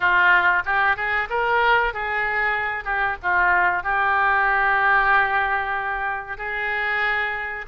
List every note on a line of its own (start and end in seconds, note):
0.00 0.62 F4
0.65 0.96 G4
0.96 1.28 G#4
1.29 1.93 A#4
1.93 2.84 G#4
2.84 3.16 G4
3.22 3.83 F4
3.83 6.37 G4
6.37 7.65 G#4